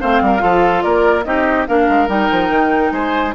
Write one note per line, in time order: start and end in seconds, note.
0.00 0.21 A3
0.00 0.39 C4
0.00 0.21 C5
0.00 0.82 F5
0.21 0.42 G3
0.21 0.42 A#4
0.39 0.84 F3
0.39 1.22 F4
0.39 0.83 A4
0.82 1.25 A#3
0.82 1.24 A#4
0.82 1.23 D5
1.24 1.67 C4
1.24 1.66 D#4
1.24 1.68 G4
1.24 1.65 D#5
1.66 1.88 A#3
1.66 2.08 D4
1.66 2.93 A#4
1.66 2.08 F5
1.88 2.08 G#3
2.08 2.29 G3
2.08 3.33 D#4
2.08 2.92 G5
2.30 2.49 F3
2.49 2.91 D#3
2.91 3.33 G#3
2.91 3.34 C5
2.91 3.33 G#5